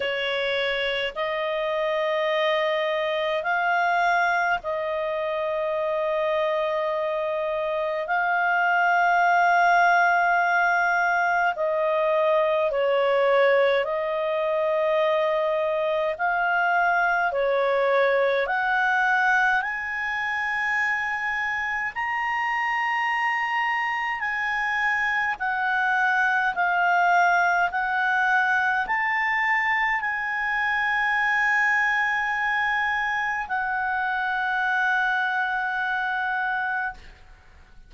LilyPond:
\new Staff \with { instrumentName = "clarinet" } { \time 4/4 \tempo 4 = 52 cis''4 dis''2 f''4 | dis''2. f''4~ | f''2 dis''4 cis''4 | dis''2 f''4 cis''4 |
fis''4 gis''2 ais''4~ | ais''4 gis''4 fis''4 f''4 | fis''4 a''4 gis''2~ | gis''4 fis''2. | }